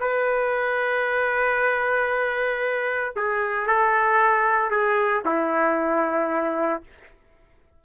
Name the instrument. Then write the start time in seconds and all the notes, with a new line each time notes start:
trumpet
0.00 B4
3.16 G#4
3.67 A4
4.70 G#4
5.25 E4